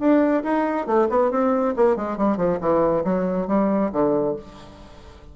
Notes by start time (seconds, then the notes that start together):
0.00 D4
0.44 D#4
0.87 A3
1.10 B3
1.32 C4
1.76 A#3
1.97 G#3
2.18 G3
2.37 F3
2.61 E3
3.05 F#3
3.48 G3
3.93 D3